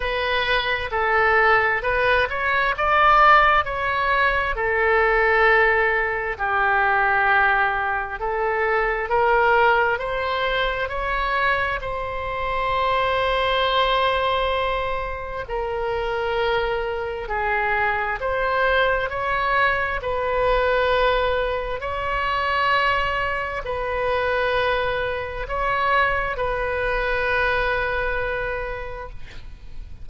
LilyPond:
\new Staff \with { instrumentName = "oboe" } { \time 4/4 \tempo 4 = 66 b'4 a'4 b'8 cis''8 d''4 | cis''4 a'2 g'4~ | g'4 a'4 ais'4 c''4 | cis''4 c''2.~ |
c''4 ais'2 gis'4 | c''4 cis''4 b'2 | cis''2 b'2 | cis''4 b'2. | }